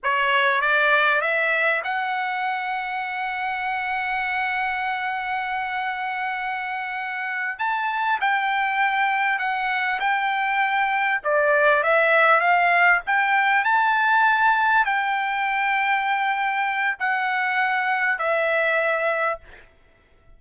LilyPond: \new Staff \with { instrumentName = "trumpet" } { \time 4/4 \tempo 4 = 99 cis''4 d''4 e''4 fis''4~ | fis''1~ | fis''1~ | fis''8 a''4 g''2 fis''8~ |
fis''8 g''2 d''4 e''8~ | e''8 f''4 g''4 a''4.~ | a''8 g''2.~ g''8 | fis''2 e''2 | }